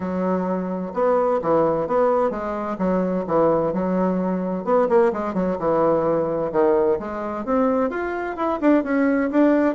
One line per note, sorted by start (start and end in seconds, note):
0.00 0.92 F#3
0.93 1.40 B3
1.42 1.87 E3
1.87 2.30 B3
2.30 2.76 G#3
2.78 3.25 F#3
3.27 3.73 E3
3.73 4.64 F#3
4.64 4.87 B3
4.88 5.12 A#3
5.12 5.34 G#3
5.34 5.57 F#3
5.58 6.51 E3
6.52 6.98 D#3
6.99 7.45 G#3
7.45 7.89 C4
7.89 8.36 F4
8.36 8.59 E4
8.60 8.83 D4
8.83 9.30 C#4
9.30 9.75 D4